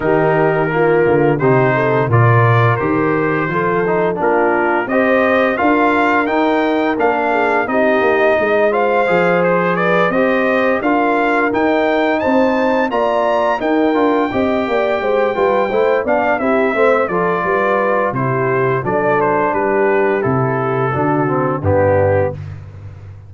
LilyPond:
<<
  \new Staff \with { instrumentName = "trumpet" } { \time 4/4 \tempo 4 = 86 ais'2 c''4 d''4 | c''2 ais'4 dis''4 | f''4 g''4 f''4 dis''4~ | dis''8 f''4 c''8 d''8 dis''4 f''8~ |
f''8 g''4 a''4 ais''4 g''8~ | g''2. f''8 e''8~ | e''8 d''4. c''4 d''8 c''8 | b'4 a'2 g'4 | }
  \new Staff \with { instrumentName = "horn" } { \time 4/4 g'4 f'4 g'8 a'8 ais'4~ | ais'4 a'4 f'4 c''4 | ais'2~ ais'8 gis'8 g'4 | dis''8 c''4. b'8 c''4 ais'8~ |
ais'4. c''4 d''4 ais'8~ | ais'8 dis''8 d''8 c''8 b'8 c''8 d''8 g'8 | c''8 a'8 b'4 g'4 a'4 | g'2 fis'4 d'4 | }
  \new Staff \with { instrumentName = "trombone" } { \time 4/4 dis'4 ais4 dis'4 f'4 | g'4 f'8 dis'8 d'4 g'4 | f'4 dis'4 d'4 dis'4~ | dis'8 f'8 gis'4. g'4 f'8~ |
f'8 dis'2 f'4 dis'8 | f'8 g'4. f'8 e'8 d'8 e'8 | c'8 f'4. e'4 d'4~ | d'4 e'4 d'8 c'8 b4 | }
  \new Staff \with { instrumentName = "tuba" } { \time 4/4 dis4. d8 c4 ais,4 | dis4 f4 ais4 c'4 | d'4 dis'4 ais4 c'8 ais8 | gis4 f4. c'4 d'8~ |
d'8 dis'4 c'4 ais4 dis'8 | d'8 c'8 ais8 gis8 g8 a8 b8 c'8 | a8 f8 g4 c4 fis4 | g4 c4 d4 g,4 | }
>>